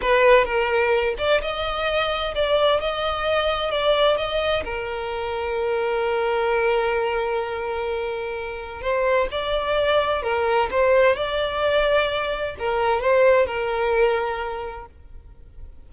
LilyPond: \new Staff \with { instrumentName = "violin" } { \time 4/4 \tempo 4 = 129 b'4 ais'4. d''8 dis''4~ | dis''4 d''4 dis''2 | d''4 dis''4 ais'2~ | ais'1~ |
ais'2. c''4 | d''2 ais'4 c''4 | d''2. ais'4 | c''4 ais'2. | }